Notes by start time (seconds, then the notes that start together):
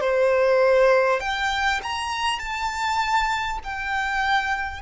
0.00 C5
1.20 G5
1.83 A#5
2.39 A5
3.64 G5